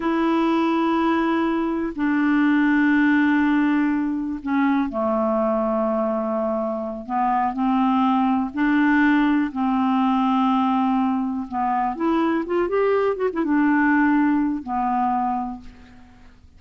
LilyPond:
\new Staff \with { instrumentName = "clarinet" } { \time 4/4 \tempo 4 = 123 e'1 | d'1~ | d'4 cis'4 a2~ | a2~ a8 b4 c'8~ |
c'4. d'2 c'8~ | c'2.~ c'8 b8~ | b8 e'4 f'8 g'4 fis'16 e'16 d'8~ | d'2 b2 | }